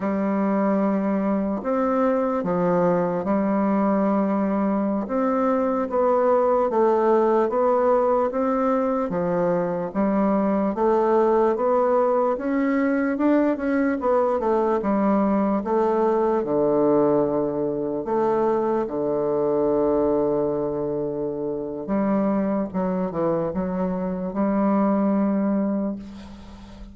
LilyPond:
\new Staff \with { instrumentName = "bassoon" } { \time 4/4 \tempo 4 = 74 g2 c'4 f4 | g2~ g16 c'4 b8.~ | b16 a4 b4 c'4 f8.~ | f16 g4 a4 b4 cis'8.~ |
cis'16 d'8 cis'8 b8 a8 g4 a8.~ | a16 d2 a4 d8.~ | d2. g4 | fis8 e8 fis4 g2 | }